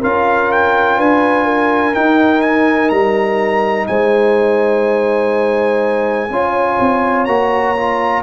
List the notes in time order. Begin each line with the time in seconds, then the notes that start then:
0.00 C#4 F4 A#4 F5
0.51 G5
0.96 D4 B4 G#5
1.44 A#4
1.93 D#4 G5
2.41 G#5
2.89 G3 A#5
3.87 G#3 C5 G#5
6.30 C#4 F4 C#5
6.79 C4
7.25 A#3 F#4 A#5
7.76 F4